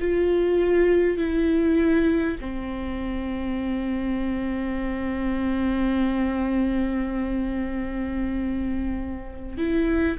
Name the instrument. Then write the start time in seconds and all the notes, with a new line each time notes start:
viola
0.00 F4
1.18 E4
2.41 C4
9.58 E4